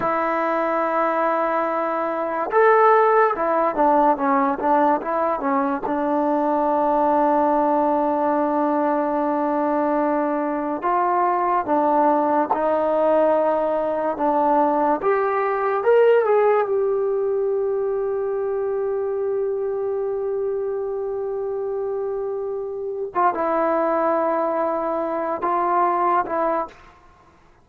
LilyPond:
\new Staff \with { instrumentName = "trombone" } { \time 4/4 \tempo 4 = 72 e'2. a'4 | e'8 d'8 cis'8 d'8 e'8 cis'8 d'4~ | d'1~ | d'4 f'4 d'4 dis'4~ |
dis'4 d'4 g'4 ais'8 gis'8 | g'1~ | g'2.~ g'8. f'16 | e'2~ e'8 f'4 e'8 | }